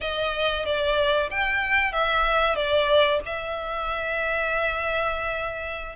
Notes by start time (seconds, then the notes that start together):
0.01 D#5
0.65 D5
1.30 G5
1.92 E5
2.55 D5
3.25 E5